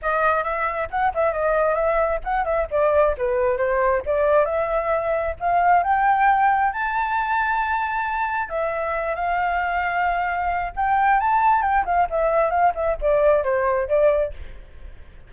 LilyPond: \new Staff \with { instrumentName = "flute" } { \time 4/4 \tempo 4 = 134 dis''4 e''4 fis''8 e''8 dis''4 | e''4 fis''8 e''8 d''4 b'4 | c''4 d''4 e''2 | f''4 g''2 a''4~ |
a''2. e''4~ | e''8 f''2.~ f''8 | g''4 a''4 g''8 f''8 e''4 | f''8 e''8 d''4 c''4 d''4 | }